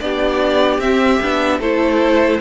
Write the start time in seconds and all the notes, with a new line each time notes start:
0.00 B3 D4 G4 D5
0.78 C4 E5
1.22 B3 D4
1.59 A3 E4 A4 C5